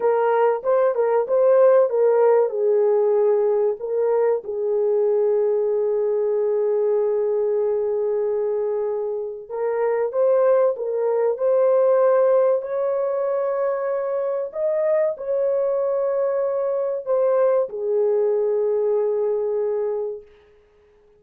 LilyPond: \new Staff \with { instrumentName = "horn" } { \time 4/4 \tempo 4 = 95 ais'4 c''8 ais'8 c''4 ais'4 | gis'2 ais'4 gis'4~ | gis'1~ | gis'2. ais'4 |
c''4 ais'4 c''2 | cis''2. dis''4 | cis''2. c''4 | gis'1 | }